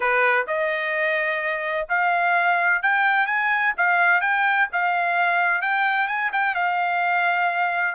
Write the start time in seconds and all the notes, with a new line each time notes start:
0.00 B4
0.47 D#5
1.89 F5
2.82 G5
3.26 G#5
3.77 F5
4.21 G5
4.72 F5
5.61 G5
6.07 G#5
6.32 G5
6.55 F5